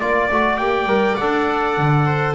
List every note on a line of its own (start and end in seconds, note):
0.00 0.30 A#3
0.00 0.30 F4
0.00 0.57 D5
0.00 2.06 D5
0.31 0.59 A3
0.31 0.60 F#4
0.57 0.85 A#3
0.57 0.88 G4
0.57 1.16 G5
0.85 1.14 G3
0.85 1.17 A#4
1.16 1.77 D4
1.16 2.35 A4
1.16 2.34 F#5
1.77 2.35 D3
2.06 2.35 C5